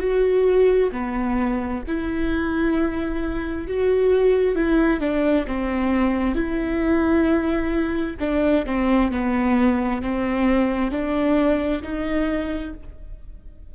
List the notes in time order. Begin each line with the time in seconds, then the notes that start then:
0.00 F#4
0.92 B3
1.88 E4
3.68 F#4
4.56 E4
5.00 D4
5.48 C4
6.35 E4
8.20 D4
8.66 C4
9.12 B3
10.02 C4
10.91 D4
11.83 D#4